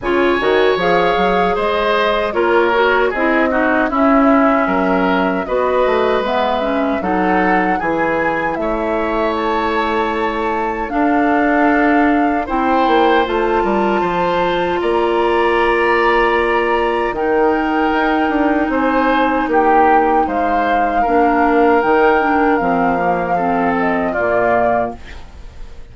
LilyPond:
<<
  \new Staff \with { instrumentName = "flute" } { \time 4/4 \tempo 4 = 77 gis''4 f''4 dis''4 cis''4 | dis''4 e''2 dis''4 | e''4 fis''4 gis''4 e''4 | a''2 f''2 |
g''4 a''2 ais''4~ | ais''2 g''2 | gis''4 g''4 f''2 | g''4 f''4. dis''8 d''4 | }
  \new Staff \with { instrumentName = "oboe" } { \time 4/4 cis''2 c''4 ais'4 | gis'8 fis'8 e'4 ais'4 b'4~ | b'4 a'4 gis'4 cis''4~ | cis''2 a'2 |
c''4. ais'8 c''4 d''4~ | d''2 ais'2 | c''4 g'4 c''4 ais'4~ | ais'2 a'4 f'4 | }
  \new Staff \with { instrumentName = "clarinet" } { \time 4/4 f'8 fis'8 gis'2 f'8 fis'8 | e'8 dis'8 cis'2 fis'4 | b8 cis'8 dis'4 e'2~ | e'2 d'2 |
e'4 f'2.~ | f'2 dis'2~ | dis'2. d'4 | dis'8 d'8 c'8 ais8 c'4 ais4 | }
  \new Staff \with { instrumentName = "bassoon" } { \time 4/4 cis8 dis8 f8 fis8 gis4 ais4 | c'4 cis'4 fis4 b8 a8 | gis4 fis4 e4 a4~ | a2 d'2 |
c'8 ais8 a8 g8 f4 ais4~ | ais2 dis4 dis'8 d'8 | c'4 ais4 gis4 ais4 | dis4 f2 ais,4 | }
>>